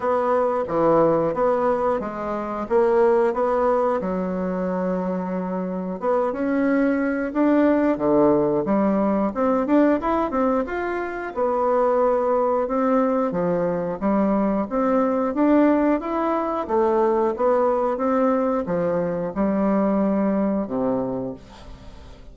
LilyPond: \new Staff \with { instrumentName = "bassoon" } { \time 4/4 \tempo 4 = 90 b4 e4 b4 gis4 | ais4 b4 fis2~ | fis4 b8 cis'4. d'4 | d4 g4 c'8 d'8 e'8 c'8 |
f'4 b2 c'4 | f4 g4 c'4 d'4 | e'4 a4 b4 c'4 | f4 g2 c4 | }